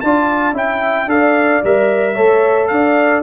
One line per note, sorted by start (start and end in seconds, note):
0.00 0.53 D4
0.00 0.54 F4
0.00 0.54 D5
0.00 0.54 A5
0.53 1.06 C#4
0.53 1.08 E4
0.53 1.08 E5
0.53 1.09 G5
1.06 1.60 D4
1.06 1.62 A4
1.06 2.14 D5
1.06 1.63 F5
1.63 2.17 G3
1.63 2.16 A#4
1.63 2.67 E5
2.14 2.71 A3
2.14 3.22 A4
2.14 2.68 C#5
2.67 3.22 D4
2.67 3.22 D5
2.67 3.21 F5